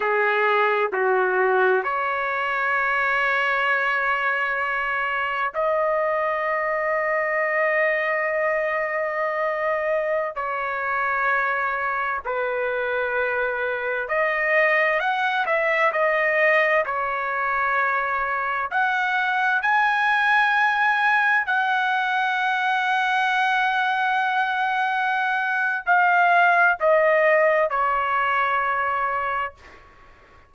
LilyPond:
\new Staff \with { instrumentName = "trumpet" } { \time 4/4 \tempo 4 = 65 gis'4 fis'4 cis''2~ | cis''2 dis''2~ | dis''2.~ dis''16 cis''8.~ | cis''4~ cis''16 b'2 dis''8.~ |
dis''16 fis''8 e''8 dis''4 cis''4.~ cis''16~ | cis''16 fis''4 gis''2 fis''8.~ | fis''1 | f''4 dis''4 cis''2 | }